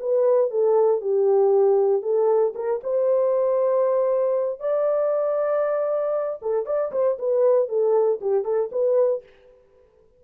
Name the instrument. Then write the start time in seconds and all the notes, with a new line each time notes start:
horn
0.00 B4
0.51 A4
1.02 G4
2.03 A4
2.55 A#4
2.84 C5
4.60 D5
6.42 A4
6.66 D5
6.92 C5
7.19 B4
7.69 A4
8.21 G4
8.45 A4
8.72 B4